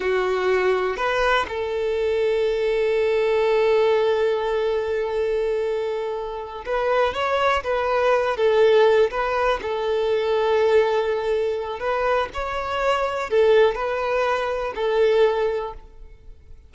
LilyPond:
\new Staff \with { instrumentName = "violin" } { \time 4/4 \tempo 4 = 122 fis'2 b'4 a'4~ | a'1~ | a'1~ | a'4. b'4 cis''4 b'8~ |
b'4 a'4. b'4 a'8~ | a'1 | b'4 cis''2 a'4 | b'2 a'2 | }